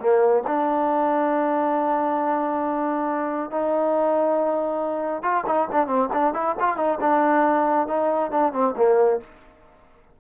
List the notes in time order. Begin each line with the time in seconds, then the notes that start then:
0.00 A#3
0.47 D4
3.51 D#4
5.23 F4
5.47 D#4
5.72 D4
5.87 C4
6.14 D4
6.34 E4
6.60 F4
6.77 D#4
7.01 D4
7.88 D#4
8.32 D4
8.53 C4
8.77 A#3